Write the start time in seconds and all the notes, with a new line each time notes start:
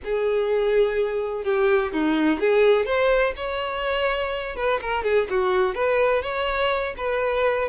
0.04 G#4
1.44 G4
1.92 D#4
2.40 G#4
2.85 C5
3.36 C#5
4.56 B4
4.81 A#4
5.03 G#4
5.30 F#4
5.74 B4
6.22 C#5
6.97 B4